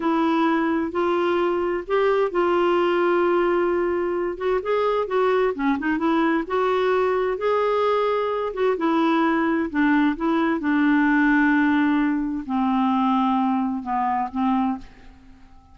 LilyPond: \new Staff \with { instrumentName = "clarinet" } { \time 4/4 \tempo 4 = 130 e'2 f'2 | g'4 f'2.~ | f'4. fis'8 gis'4 fis'4 | cis'8 dis'8 e'4 fis'2 |
gis'2~ gis'8 fis'8 e'4~ | e'4 d'4 e'4 d'4~ | d'2. c'4~ | c'2 b4 c'4 | }